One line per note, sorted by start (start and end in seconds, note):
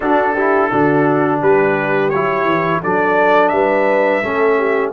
0.00 0.70 D4
0.00 0.36 D4
0.00 0.34 F#4
0.00 1.40 A4
0.34 0.71 E4
0.34 0.69 G4
0.71 1.42 D3
0.71 2.12 D4
0.71 1.40 F#4
1.40 2.12 G3
1.40 2.81 G4
1.40 2.09 B4
2.09 2.45 F#3
2.09 2.83 E4
2.09 2.80 C#5
2.45 2.80 E3
2.82 3.52 F#3
2.82 4.22 D4
2.82 3.52 A4
2.82 3.48 D5
3.48 4.22 G3
3.48 4.23 B4
3.48 4.89 E5
4.22 4.93 A3
4.22 4.93 C#4
4.22 4.57 A4
4.57 4.92 G4